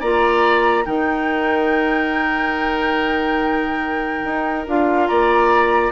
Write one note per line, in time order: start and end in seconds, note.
0.00 0.86 A#3
0.00 0.85 F4
0.00 0.85 D5
0.00 0.86 A#5
0.85 4.24 D#3
0.85 4.65 D#4
0.85 5.09 A#4
0.85 4.66 G5
4.24 4.67 D#4
4.67 5.10 D4
4.67 5.92 F4
4.67 5.07 F5
5.07 5.92 A#3
5.07 5.92 D5
5.07 5.92 A#5